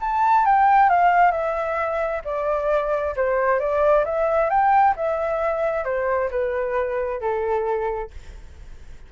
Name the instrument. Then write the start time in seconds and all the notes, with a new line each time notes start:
flute
0.00 A5
0.45 G5
0.89 F5
1.31 E5
2.24 D5
3.16 C5
3.59 D5
4.05 E5
4.49 G5
4.96 E5
5.84 C5
6.30 B4
7.20 A4